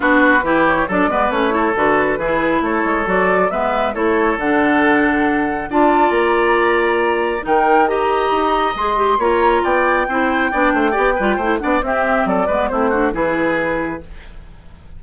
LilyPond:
<<
  \new Staff \with { instrumentName = "flute" } { \time 4/4 \tempo 4 = 137 b'4. cis''8 d''4 cis''4 | b'2 cis''4 d''4 | e''4 cis''4 fis''2~ | fis''4 a''4 ais''2~ |
ais''4 g''4 ais''2 | c'''4 ais''4 g''2~ | g''2~ g''8 fis''8 e''4 | d''4 c''4 b'2 | }
  \new Staff \with { instrumentName = "oboe" } { \time 4/4 fis'4 g'4 a'8 b'4 a'8~ | a'4 gis'4 a'2 | b'4 a'2.~ | a'4 d''2.~ |
d''4 ais'4 dis''2~ | dis''4 cis''4 d''4 c''4 | d''8 c''8 d''8 b'8 c''8 d''8 g'4 | a'8 b'8 e'8 fis'8 gis'2 | }
  \new Staff \with { instrumentName = "clarinet" } { \time 4/4 d'4 e'4 d'8 b8 cis'8 e'8 | fis'4 e'2 fis'4 | b4 e'4 d'2~ | d'4 f'2.~ |
f'4 dis'4 g'2 | gis'8 g'8 f'2 e'4 | d'4 g'8 f'8 e'8 d'8 c'4~ | c'8 b8 c'8 d'8 e'2 | }
  \new Staff \with { instrumentName = "bassoon" } { \time 4/4 b4 e4 fis8 gis8 a4 | d4 e4 a8 gis8 fis4 | gis4 a4 d2~ | d4 d'4 ais2~ |
ais4 dis2 dis'4 | gis4 ais4 b4 c'4 | b8 a8 b8 g8 a8 b8 c'4 | fis8 gis8 a4 e2 | }
>>